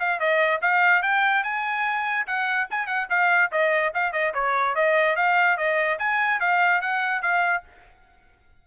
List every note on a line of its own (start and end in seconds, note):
0.00 0.20 F5
0.20 0.61 D#5
0.62 1.03 F5
1.03 1.44 G5
1.44 2.27 G#5
2.27 2.68 F#5
2.71 2.87 G#5
2.87 3.08 F#5
3.10 3.52 F5
3.52 3.94 D#5
3.94 4.13 F5
4.13 4.34 D#5
4.34 4.75 C#5
4.75 5.16 D#5
5.16 5.58 F5
5.58 5.99 D#5
5.99 6.41 G#5
6.41 6.82 F5
6.82 7.22 F#5
7.22 7.64 F5